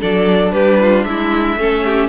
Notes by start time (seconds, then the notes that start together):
0.00 F#3 D4 A4 D5
0.52 G3 G4 B4
0.81 F4
1.04 G#3 E4 E5
1.56 A3 C#4 A4
1.85 G4